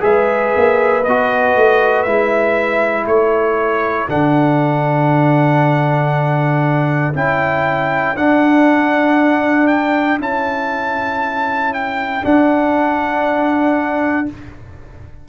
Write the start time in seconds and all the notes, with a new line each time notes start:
0.00 G#3 G#4 B4 E5
0.56 A#3
1.04 B3 F#4 D#5
1.55 A3
2.03 G#3 E4 E5
3.06 A3 A4 C#5
4.08 D3 D4 F#5
7.14 C#4 E4 G5
8.16 D4 F#5
9.67 G5
10.19 C#4 E4 A5
11.73 G5
12.22 D4 F#5